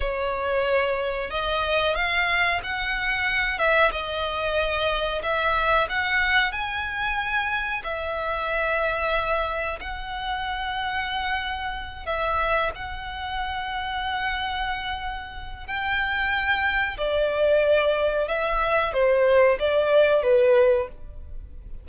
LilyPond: \new Staff \with { instrumentName = "violin" } { \time 4/4 \tempo 4 = 92 cis''2 dis''4 f''4 | fis''4. e''8 dis''2 | e''4 fis''4 gis''2 | e''2. fis''4~ |
fis''2~ fis''8 e''4 fis''8~ | fis''1 | g''2 d''2 | e''4 c''4 d''4 b'4 | }